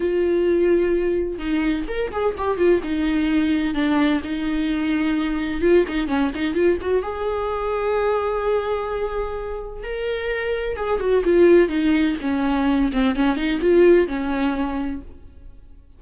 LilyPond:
\new Staff \with { instrumentName = "viola" } { \time 4/4 \tempo 4 = 128 f'2. dis'4 | ais'8 gis'8 g'8 f'8 dis'2 | d'4 dis'2. | f'8 dis'8 cis'8 dis'8 f'8 fis'8 gis'4~ |
gis'1~ | gis'4 ais'2 gis'8 fis'8 | f'4 dis'4 cis'4. c'8 | cis'8 dis'8 f'4 cis'2 | }